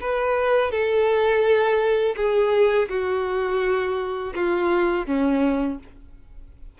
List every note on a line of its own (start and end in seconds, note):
0.00 0.70 B4
0.70 2.15 A4
2.16 2.88 G#4
2.88 4.33 F#4
4.34 5.06 F4
5.06 5.78 C#4